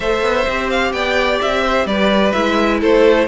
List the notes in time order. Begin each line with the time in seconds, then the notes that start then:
0.00 A3 A4 C5 E5
0.22 B3
0.48 C4 G4
0.70 F5
0.92 B3 D5 G5
1.41 C4 E5
1.63 C5
1.85 G3 B4 D5
2.32 G#3 E4 E5
2.80 A3 A4 C5